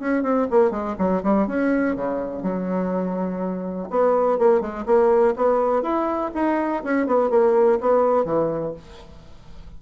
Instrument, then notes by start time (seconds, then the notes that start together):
bassoon
0.00 C#4
0.23 C4
0.51 A#3
0.71 G#3
0.98 F#3
1.24 G3
1.47 C#4
1.96 C#3
2.43 F#3
3.90 B3
4.39 A#3
4.61 G#3
4.86 A#3
5.36 B3
5.82 E4
6.35 D#4
6.84 C#4
7.06 B3
7.30 A#3
7.81 B3
8.25 E3